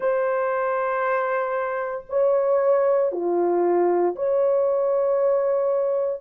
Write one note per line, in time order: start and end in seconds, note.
0.00 2.04 C5
2.09 3.11 C#5
3.11 4.15 F4
4.15 6.21 C#5